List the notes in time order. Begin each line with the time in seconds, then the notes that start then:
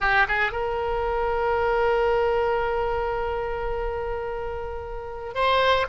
0.00 G4
0.28 G#4
0.51 A#4
5.34 C5